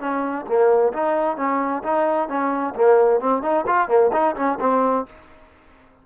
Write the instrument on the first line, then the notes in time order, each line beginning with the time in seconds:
trombone
0.00 C#4
0.47 A#3
0.93 D#4
1.37 C#4
1.83 D#4
2.28 C#4
2.75 A#3
3.20 C4
3.42 D#4
3.66 F4
3.88 A#3
4.12 D#4
4.36 C#4
4.60 C4